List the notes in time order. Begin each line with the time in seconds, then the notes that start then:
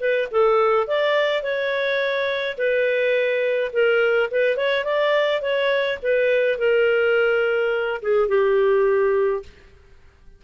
0.00 B4
0.31 A4
0.88 D5
1.43 C#5
2.58 B4
3.73 A#4
4.31 B4
4.57 C#5
4.84 D5
5.42 C#5
6.02 B4
6.58 A#4
8.02 G#4
8.29 G4